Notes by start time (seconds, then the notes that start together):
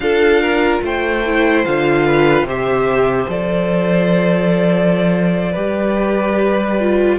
0.00 D4 F4 A4 F5
0.41 A#4
0.82 A3 C5 G5
1.26 E4
1.64 D3 F4 F5
2.05 B4
2.42 C3 G4 C5 E5
3.28 F3 A4 D5
5.52 G3 G4 B4
6.80 F4